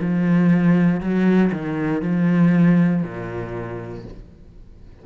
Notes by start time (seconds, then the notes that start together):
0.00 F3
1.00 F#3
1.52 D#3
2.02 F3
3.03 A#2